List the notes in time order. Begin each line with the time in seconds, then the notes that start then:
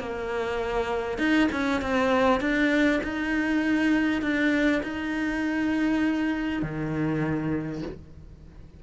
0.00 A#3
1.19 D#4
1.52 C#4
1.82 C4
2.41 D4
3.04 D#4
4.22 D4
4.83 D#4
6.62 D#3